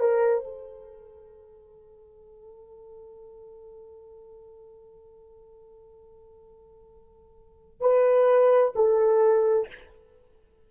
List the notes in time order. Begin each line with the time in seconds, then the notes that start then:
0.00 A#4
0.44 A4
7.80 B4
8.76 A4